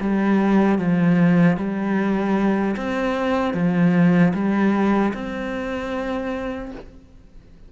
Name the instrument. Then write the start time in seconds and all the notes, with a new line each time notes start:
cello
0.00 G3
0.79 F3
1.57 G3
2.76 C4
3.54 F3
4.34 G3
5.14 C4